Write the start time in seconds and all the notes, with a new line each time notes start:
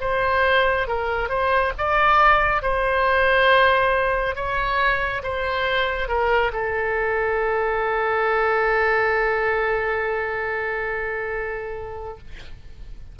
0.00 C5
0.87 A#4
1.29 C5
1.77 D5
2.62 C5
4.35 C#5
5.23 C5
6.08 A#4
6.53 A4